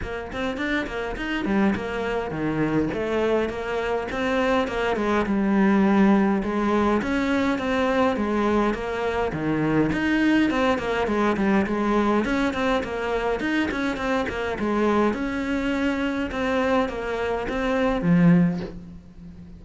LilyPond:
\new Staff \with { instrumentName = "cello" } { \time 4/4 \tempo 4 = 103 ais8 c'8 d'8 ais8 dis'8 g8 ais4 | dis4 a4 ais4 c'4 | ais8 gis8 g2 gis4 | cis'4 c'4 gis4 ais4 |
dis4 dis'4 c'8 ais8 gis8 g8 | gis4 cis'8 c'8 ais4 dis'8 cis'8 | c'8 ais8 gis4 cis'2 | c'4 ais4 c'4 f4 | }